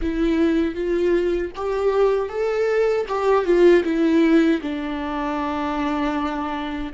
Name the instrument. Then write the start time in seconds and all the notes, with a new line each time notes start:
viola
0.01 E4
0.74 F4
1.55 G4
2.29 A4
3.08 G4
3.45 F4
3.84 E4
4.62 D4